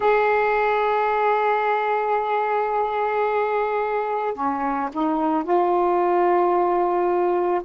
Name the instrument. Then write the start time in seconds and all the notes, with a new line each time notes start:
saxophone
0.00 G#4
4.34 C#4
4.92 D#4
5.43 F4